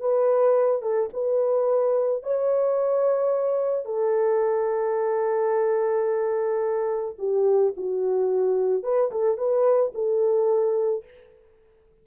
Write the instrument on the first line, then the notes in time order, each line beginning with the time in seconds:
horn
0.00 B4
0.82 A4
1.13 B4
2.23 C#5
3.85 A4
7.18 G4
7.77 F#4
8.83 B4
9.11 A4
9.37 B4
9.94 A4